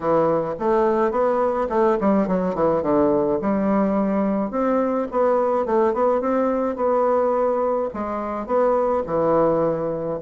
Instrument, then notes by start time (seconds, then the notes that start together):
bassoon
0.00 E3
0.59 A3
1.11 B3
1.69 A3
2.00 G3
2.27 F#3
2.54 E3
2.82 D3
3.41 G3
4.51 C4
5.11 B3
5.65 A3
5.93 B3
6.20 C4
6.75 B3
7.93 G#3
8.46 B3
9.06 E3